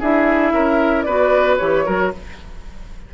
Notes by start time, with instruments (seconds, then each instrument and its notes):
0.00 bassoon D4, clarinet E4, oboe G#4, flute E5
0.53 bassoon C#4, oboe A#4
1.03 bassoon B3, clarinet F#4, oboe B4, flute D5
1.57 bassoon E3, clarinet G4, flute C#5
1.85 bassoon F#3, clarinet F#4, oboe A#4